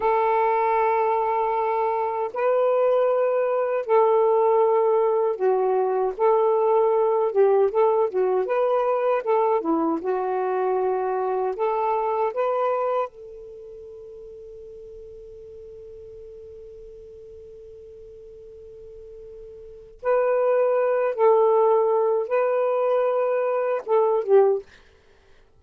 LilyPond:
\new Staff \with { instrumentName = "saxophone" } { \time 4/4 \tempo 4 = 78 a'2. b'4~ | b'4 a'2 fis'4 | a'4. g'8 a'8 fis'8 b'4 | a'8 e'8 fis'2 a'4 |
b'4 a'2.~ | a'1~ | a'2 b'4. a'8~ | a'4 b'2 a'8 g'8 | }